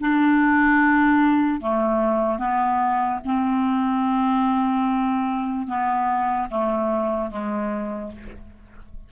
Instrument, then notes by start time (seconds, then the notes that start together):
clarinet
0.00 D4
1.61 A3
2.38 B3
3.25 C4
5.67 B3
6.50 A3
7.30 G#3